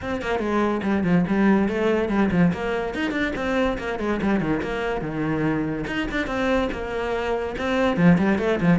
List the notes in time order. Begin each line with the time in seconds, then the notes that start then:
0.01 C4
0.21 A#3
0.39 G#3
0.83 G3
1.03 F3
1.27 G3
1.68 A3
2.08 G3
2.31 F3
2.52 A#3
2.94 D#4
3.11 D4
3.35 C4
3.78 A#3
3.99 G#3
4.21 G3
4.40 D#3
4.62 A#3
5.01 D#3
5.86 D#4
6.11 D4
6.27 C4
6.71 A#3
7.58 C4
7.96 F3
8.18 G3
8.38 A3
8.60 F3